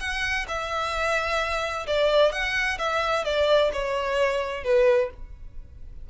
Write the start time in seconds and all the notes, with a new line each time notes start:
0.00 F#5
0.48 E5
1.87 D5
2.32 F#5
2.79 E5
3.25 D5
3.73 C#5
4.64 B4